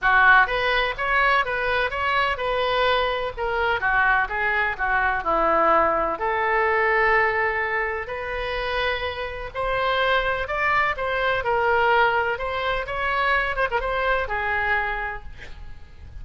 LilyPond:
\new Staff \with { instrumentName = "oboe" } { \time 4/4 \tempo 4 = 126 fis'4 b'4 cis''4 b'4 | cis''4 b'2 ais'4 | fis'4 gis'4 fis'4 e'4~ | e'4 a'2.~ |
a'4 b'2. | c''2 d''4 c''4 | ais'2 c''4 cis''4~ | cis''8 c''16 ais'16 c''4 gis'2 | }